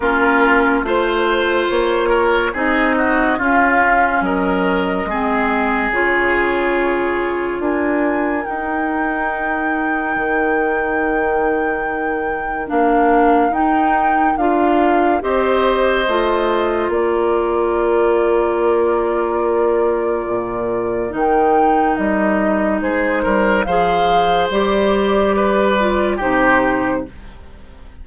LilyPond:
<<
  \new Staff \with { instrumentName = "flute" } { \time 4/4 \tempo 4 = 71 ais'4 c''4 cis''4 dis''4 | f''4 dis''2 cis''4~ | cis''4 gis''4 g''2~ | g''2. f''4 |
g''4 f''4 dis''2 | d''1~ | d''4 g''4 dis''4 c''4 | f''4 d''2 c''4 | }
  \new Staff \with { instrumentName = "oboe" } { \time 4/4 f'4 c''4. ais'8 gis'8 fis'8 | f'4 ais'4 gis'2~ | gis'4 ais'2.~ | ais'1~ |
ais'2 c''2 | ais'1~ | ais'2. gis'8 ais'8 | c''2 b'4 g'4 | }
  \new Staff \with { instrumentName = "clarinet" } { \time 4/4 cis'4 f'2 dis'4 | cis'2 c'4 f'4~ | f'2 dis'2~ | dis'2. d'4 |
dis'4 f'4 g'4 f'4~ | f'1~ | f'4 dis'2. | gis'4 g'4. f'8 dis'4 | }
  \new Staff \with { instrumentName = "bassoon" } { \time 4/4 ais4 a4 ais4 c'4 | cis'4 fis4 gis4 cis4~ | cis4 d'4 dis'2 | dis2. ais4 |
dis'4 d'4 c'4 a4 | ais1 | ais,4 dis4 g4 gis8 g8 | f4 g2 c4 | }
>>